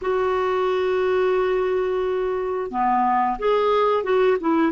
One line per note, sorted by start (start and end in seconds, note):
0.01 2.70 F#4
2.70 3.38 B3
3.38 4.03 G#4
4.03 4.37 F#4
4.40 4.72 E4